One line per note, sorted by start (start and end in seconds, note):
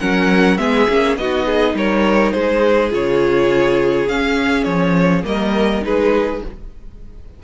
0.00 0.58 F#3
0.00 0.58 C#4
0.00 0.59 A#4
0.00 0.58 F#5
0.58 0.88 G#3
0.58 0.88 B3
0.58 1.19 G#4
0.58 1.16 E5
0.89 1.16 A#3
0.89 1.19 C#4
1.16 1.74 B3
1.16 2.91 D#4
1.16 1.46 F#4
1.16 1.76 D#5
1.46 1.75 G#4
1.74 2.32 G3
1.74 2.34 A#4
1.74 2.32 C#5
2.32 2.93 G#3
2.32 5.26 G#4
2.32 2.90 C5
2.91 4.09 C#3
2.91 4.08 F4
2.91 4.09 C#5
4.09 4.66 C#4
4.09 5.24 C#4
4.09 4.64 F5
4.64 5.24 F3
4.64 5.22 C#5
5.24 5.83 G3
5.24 5.82 A#3
5.24 5.86 A#4
5.24 5.84 D#5
5.82 6.42 G#3
5.82 6.40 D#4
5.82 6.44 G#4
5.82 6.43 B4